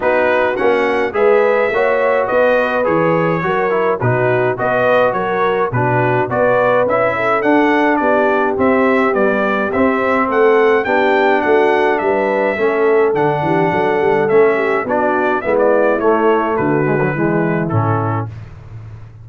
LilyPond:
<<
  \new Staff \with { instrumentName = "trumpet" } { \time 4/4 \tempo 4 = 105 b'4 fis''4 e''2 | dis''4 cis''2 b'4 | dis''4 cis''4 b'4 d''4 | e''4 fis''4 d''4 e''4 |
d''4 e''4 fis''4 g''4 | fis''4 e''2 fis''4~ | fis''4 e''4 d''4 e''16 d''8. | cis''4 b'2 a'4 | }
  \new Staff \with { instrumentName = "horn" } { \time 4/4 fis'2 b'4 cis''4 | b'2 ais'4 fis'4 | b'4 ais'4 fis'4 b'4~ | b'8 a'4. g'2~ |
g'2 a'4 g'4 | fis'4 b'4 a'4. g'8 | a'4. g'8 fis'4 e'4~ | e'4 fis'4 e'2 | }
  \new Staff \with { instrumentName = "trombone" } { \time 4/4 dis'4 cis'4 gis'4 fis'4~ | fis'4 gis'4 fis'8 e'8 dis'4 | fis'2 d'4 fis'4 | e'4 d'2 c'4 |
g4 c'2 d'4~ | d'2 cis'4 d'4~ | d'4 cis'4 d'4 b4 | a4. gis16 fis16 gis4 cis'4 | }
  \new Staff \with { instrumentName = "tuba" } { \time 4/4 b4 ais4 gis4 ais4 | b4 e4 fis4 b,4 | b4 fis4 b,4 b4 | cis'4 d'4 b4 c'4 |
b4 c'4 a4 b4 | a4 g4 a4 d8 e8 | fis8 g8 a4 b4 gis4 | a4 d4 e4 a,4 | }
>>